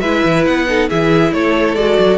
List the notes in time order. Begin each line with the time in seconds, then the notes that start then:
0.00 G#3 E4 B4 E5
0.24 E3
0.45 B3 F#5
0.68 D#4 A4
0.89 E3 E4 G#4 E5
1.31 A3 A4 C#5
1.75 G#3 F#4 D5
1.98 F#3